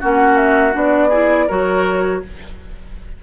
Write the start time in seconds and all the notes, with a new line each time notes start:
0.00 A#3 C#4 F#4 F#5
0.37 E5
0.72 B3 D4 D5
1.08 E4 G#4
1.48 F#3 F#4 A#4 C#5